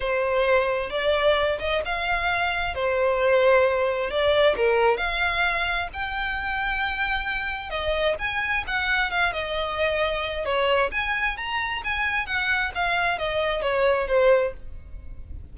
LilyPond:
\new Staff \with { instrumentName = "violin" } { \time 4/4 \tempo 4 = 132 c''2 d''4. dis''8 | f''2 c''2~ | c''4 d''4 ais'4 f''4~ | f''4 g''2.~ |
g''4 dis''4 gis''4 fis''4 | f''8 dis''2~ dis''8 cis''4 | gis''4 ais''4 gis''4 fis''4 | f''4 dis''4 cis''4 c''4 | }